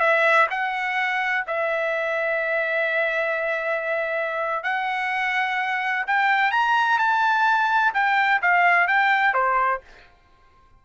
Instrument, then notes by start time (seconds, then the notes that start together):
trumpet
0.00 E5
0.50 F#5
1.47 E5
4.64 F#5
6.07 G5
6.52 A#5
6.99 A5
7.94 G5
8.42 F5
8.88 G5
9.34 C5